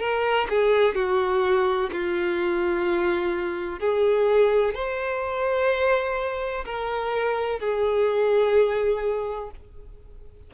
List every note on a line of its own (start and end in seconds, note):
0.00 0.48 A#4
0.50 0.95 G#4
0.95 1.90 F#4
1.93 3.80 F4
3.80 4.75 G#4
4.75 6.65 C5
6.66 7.60 A#4
7.60 9.51 G#4